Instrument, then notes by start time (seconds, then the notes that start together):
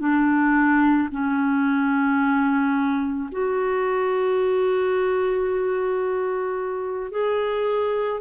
clarinet
0.00 D4
1.12 C#4
3.32 F#4
7.12 G#4